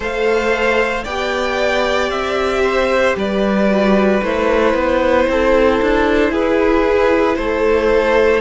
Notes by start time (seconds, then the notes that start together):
0.00 A3 A4 C5 F5
1.04 B3 G4 D5 G5
2.09 C4 E5
2.63 C5
3.16 G3 B4 D5
3.68 F#4
4.21 A3 E4 C5
4.74 B3
5.27 C4 A4
5.81 D4
6.30 E4 G#4 B4
7.36 A3 A4 C5